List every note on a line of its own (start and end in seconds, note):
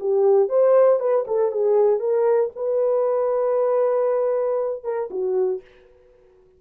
0.00 0.49 G4
0.49 1.00 C5
1.00 1.25 B4
1.27 1.52 A4
1.52 1.99 G#4
1.99 2.50 A#4
2.56 4.84 B4
4.84 5.09 A#4
5.10 5.61 F#4